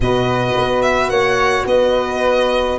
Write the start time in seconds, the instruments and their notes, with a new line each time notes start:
0.00 tuba B2, horn F#4, flute B4, violin D#5
0.55 tuba B3
0.82 violin E5
1.09 tuba A#3, flute C#5, violin F#5
1.65 tuba B3, flute B4, violin D#5